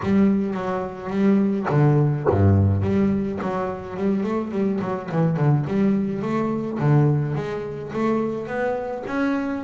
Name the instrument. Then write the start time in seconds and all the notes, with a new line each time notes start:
double bass
0.02 G3
0.54 F#3
1.10 G3
1.69 D3
2.29 G2
2.82 G3
3.41 F#3
3.96 G3
4.23 A3
4.51 G3
4.81 F#3
5.11 E3
5.36 D3
5.67 G3
6.21 A3
6.79 D3
7.35 G#3
7.92 A3
8.47 B3
9.06 C#4